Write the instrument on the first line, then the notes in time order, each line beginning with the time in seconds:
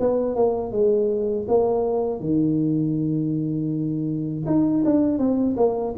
tuba
0.00 B3
0.36 A#3
0.72 G#3
1.48 A#3
2.20 D#3
4.46 D#4
4.85 D4
5.19 C4
5.57 A#3